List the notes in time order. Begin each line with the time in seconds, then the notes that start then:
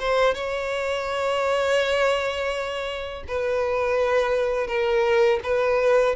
0.00 C5
0.35 C#5
3.28 B4
4.68 A#4
5.43 B4